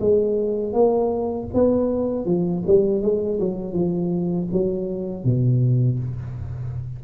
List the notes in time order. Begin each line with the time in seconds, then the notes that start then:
0.00 G#3
0.73 A#3
1.54 B3
2.25 F3
2.66 G3
3.02 G#3
3.40 F#3
3.73 F3
4.52 F#3
5.24 B2